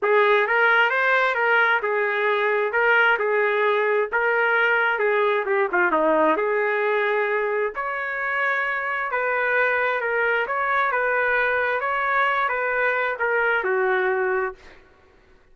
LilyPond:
\new Staff \with { instrumentName = "trumpet" } { \time 4/4 \tempo 4 = 132 gis'4 ais'4 c''4 ais'4 | gis'2 ais'4 gis'4~ | gis'4 ais'2 gis'4 | g'8 f'8 dis'4 gis'2~ |
gis'4 cis''2. | b'2 ais'4 cis''4 | b'2 cis''4. b'8~ | b'4 ais'4 fis'2 | }